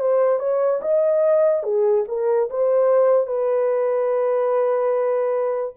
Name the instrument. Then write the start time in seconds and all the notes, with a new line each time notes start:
horn
0.00 C5
0.39 C#5
0.81 D#5
1.63 G#4
2.08 A#4
2.50 C5
3.27 B4